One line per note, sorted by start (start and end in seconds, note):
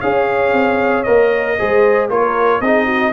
0.00 0.52 C#4
0.00 1.05 G#4
0.00 1.55 C#5
0.00 1.03 F5
0.52 1.04 C4
1.03 1.59 A#3
1.03 1.57 A#4
1.03 2.06 D#5
1.58 2.09 G#3
1.58 2.10 G#4
1.58 2.09 C5
2.09 2.60 A#3
2.09 2.62 F4
2.09 2.61 A#4
2.09 2.61 C#5
2.60 3.12 C4
2.60 3.12 D#4
2.60 2.85 G#4
2.60 3.12 D#5
2.85 3.11 F#4